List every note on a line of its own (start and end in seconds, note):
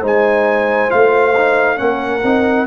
0.00 0.90 G#3
0.00 0.88 D#4
0.00 1.76 C5
0.07 0.90 G#5
0.88 1.79 A3
0.88 1.33 F4
0.88 1.78 F5
1.37 1.77 D#4
1.77 2.24 A#3
1.77 2.21 C#4
1.77 2.67 A#4
1.77 2.66 F#5
2.24 2.67 C4
2.24 2.67 D#4